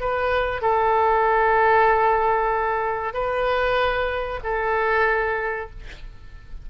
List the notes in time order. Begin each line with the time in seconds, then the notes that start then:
0.00 B4
0.62 A4
3.13 B4
4.43 A4